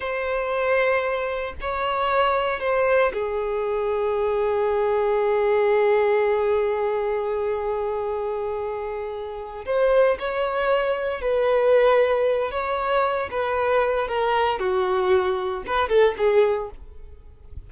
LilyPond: \new Staff \with { instrumentName = "violin" } { \time 4/4 \tempo 4 = 115 c''2. cis''4~ | cis''4 c''4 gis'2~ | gis'1~ | gis'1~ |
gis'2~ gis'8 c''4 cis''8~ | cis''4. b'2~ b'8 | cis''4. b'4. ais'4 | fis'2 b'8 a'8 gis'4 | }